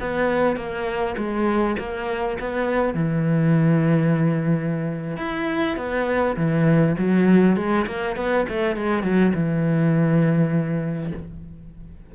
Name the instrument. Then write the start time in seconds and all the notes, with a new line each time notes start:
cello
0.00 B3
0.56 A#3
1.17 G#3
1.78 A#3
2.40 B3
2.94 E3
5.17 E4
5.77 B3
6.36 E3
6.97 F#3
7.56 G#3
7.87 A#3
8.16 B3
8.48 A3
8.76 G#3
9.03 F#3
9.34 E3